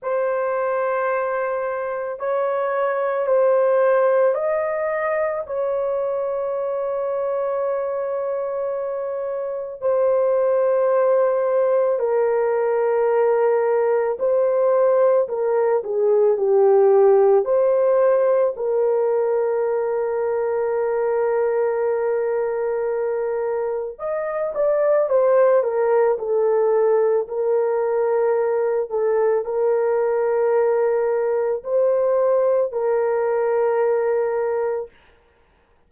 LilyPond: \new Staff \with { instrumentName = "horn" } { \time 4/4 \tempo 4 = 55 c''2 cis''4 c''4 | dis''4 cis''2.~ | cis''4 c''2 ais'4~ | ais'4 c''4 ais'8 gis'8 g'4 |
c''4 ais'2.~ | ais'2 dis''8 d''8 c''8 ais'8 | a'4 ais'4. a'8 ais'4~ | ais'4 c''4 ais'2 | }